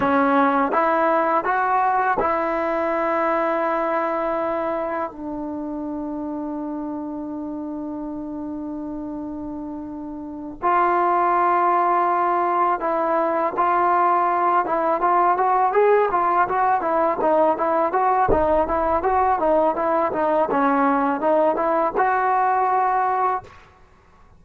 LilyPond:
\new Staff \with { instrumentName = "trombone" } { \time 4/4 \tempo 4 = 82 cis'4 e'4 fis'4 e'4~ | e'2. d'4~ | d'1~ | d'2~ d'8 f'4.~ |
f'4. e'4 f'4. | e'8 f'8 fis'8 gis'8 f'8 fis'8 e'8 dis'8 | e'8 fis'8 dis'8 e'8 fis'8 dis'8 e'8 dis'8 | cis'4 dis'8 e'8 fis'2 | }